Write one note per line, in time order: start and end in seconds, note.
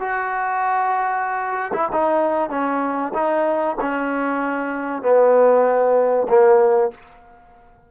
0.00 1.72 F#4
1.74 1.89 E4
1.92 2.50 D#4
2.50 3.12 C#4
3.14 3.76 D#4
3.81 5.02 C#4
5.02 6.27 B3
6.29 6.91 A#3